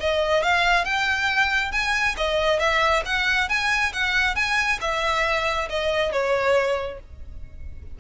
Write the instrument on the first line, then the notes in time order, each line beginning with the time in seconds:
violin
0.00 D#5
0.43 F5
0.85 G5
1.72 G#5
2.17 D#5
2.59 E5
3.05 F#5
3.49 G#5
3.93 F#5
4.35 G#5
4.81 E5
5.69 D#5
6.12 C#5